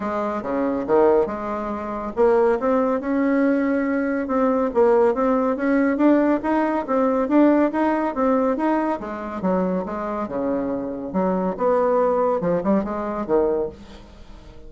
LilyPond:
\new Staff \with { instrumentName = "bassoon" } { \time 4/4 \tempo 4 = 140 gis4 cis4 dis4 gis4~ | gis4 ais4 c'4 cis'4~ | cis'2 c'4 ais4 | c'4 cis'4 d'4 dis'4 |
c'4 d'4 dis'4 c'4 | dis'4 gis4 fis4 gis4 | cis2 fis4 b4~ | b4 f8 g8 gis4 dis4 | }